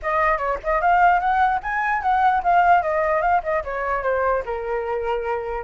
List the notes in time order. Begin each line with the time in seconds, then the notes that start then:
0.02 D#5
0.37 C#5
0.63 D#5
0.81 F5
1.20 F#5
1.63 G#5
2.02 F#5
2.43 F5
2.82 D#5
3.21 F5
3.43 D#5
3.64 C#5
4.02 C5
4.45 A#4